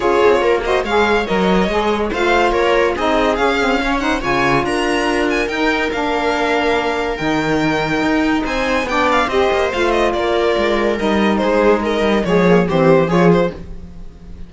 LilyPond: <<
  \new Staff \with { instrumentName = "violin" } { \time 4/4 \tempo 4 = 142 cis''4. dis''8 f''4 dis''4~ | dis''4 f''4 cis''4 dis''4 | f''4. fis''8 gis''4 ais''4~ | ais''8 gis''8 g''4 f''2~ |
f''4 g''2. | gis''4 g''8 f''8 dis''4 f''8 dis''8 | d''2 dis''4 c''4 | dis''4 cis''4 c''4 cis''8 c''8 | }
  \new Staff \with { instrumentName = "viola" } { \time 4/4 gis'4 ais'8 c''8 cis''2~ | cis''4 c''4 ais'4 gis'4~ | gis'4 cis''8 c''8 cis''4 ais'4~ | ais'1~ |
ais'1 | c''4 d''4 c''2 | ais'2. gis'4 | ais'4 gis'4 g'4 gis'4 | }
  \new Staff \with { instrumentName = "saxophone" } { \time 4/4 f'4. fis'8 gis'4 ais'4 | gis'4 f'2 dis'4 | cis'8 c'8 cis'8 dis'8 f'2~ | f'4 dis'4 d'2~ |
d'4 dis'2.~ | dis'4 d'4 g'4 f'4~ | f'2 dis'2~ | dis'4 gis8 ais8 c'4 f'4 | }
  \new Staff \with { instrumentName = "cello" } { \time 4/4 cis'8 c'8 ais4 gis4 fis4 | gis4 a4 ais4 c'4 | cis'2 cis4 d'4~ | d'4 dis'4 ais2~ |
ais4 dis2 dis'4 | c'4 b4 c'8 ais8 a4 | ais4 gis4 g4 gis4~ | gis8 g8 f4 e4 f4 | }
>>